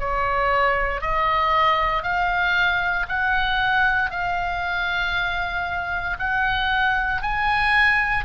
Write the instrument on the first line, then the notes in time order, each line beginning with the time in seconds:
oboe
0.00 C#5
1.01 D#5
2.03 F5
3.08 F#5
4.11 F5
6.19 F#5
7.22 G#5